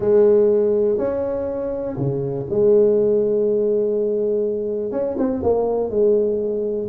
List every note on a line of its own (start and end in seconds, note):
0.00 0.98 G#3
0.98 1.96 C#4
1.96 2.46 C#3
2.49 4.91 G#3
4.91 5.16 C#4
5.18 5.42 C4
5.42 5.90 A#3
5.90 6.88 G#3